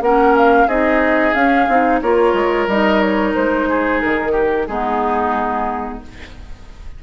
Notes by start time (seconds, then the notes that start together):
0.00 A#3 C#4 A#4 F#5
0.36 F5
0.67 C4 D#4 G#4 D#5
1.33 C#4 F5
1.68 C4 D#4
2.01 A#3 F4 A#4 C#5
2.33 G#3
2.67 G3 D#4 D#5
3.00 C#5
3.34 G#3 C5
3.69 G#4
4.00 D#3 A#4
4.32 G4
4.67 G#3 B3 D#4 G#4